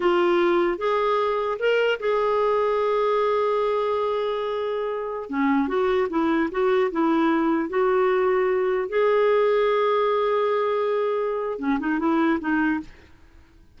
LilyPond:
\new Staff \with { instrumentName = "clarinet" } { \time 4/4 \tempo 4 = 150 f'2 gis'2 | ais'4 gis'2.~ | gis'1~ | gis'4~ gis'16 cis'4 fis'4 e'8.~ |
e'16 fis'4 e'2 fis'8.~ | fis'2~ fis'16 gis'4.~ gis'16~ | gis'1~ | gis'4 cis'8 dis'8 e'4 dis'4 | }